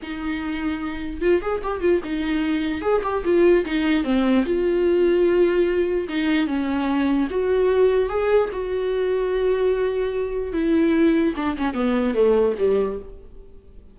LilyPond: \new Staff \with { instrumentName = "viola" } { \time 4/4 \tempo 4 = 148 dis'2. f'8 gis'8 | g'8 f'8 dis'2 gis'8 g'8 | f'4 dis'4 c'4 f'4~ | f'2. dis'4 |
cis'2 fis'2 | gis'4 fis'2.~ | fis'2 e'2 | d'8 cis'8 b4 a4 g4 | }